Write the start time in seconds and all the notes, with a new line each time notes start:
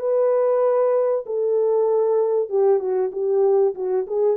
0.00 B4
1.26 A4
2.49 G4
2.80 F#4
3.12 G4
3.75 F#4
4.07 G#4